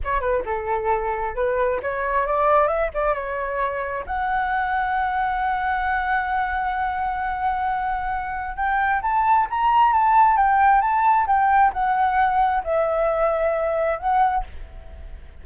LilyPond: \new Staff \with { instrumentName = "flute" } { \time 4/4 \tempo 4 = 133 cis''8 b'8 a'2 b'4 | cis''4 d''4 e''8 d''8 cis''4~ | cis''4 fis''2.~ | fis''1~ |
fis''2. g''4 | a''4 ais''4 a''4 g''4 | a''4 g''4 fis''2 | e''2. fis''4 | }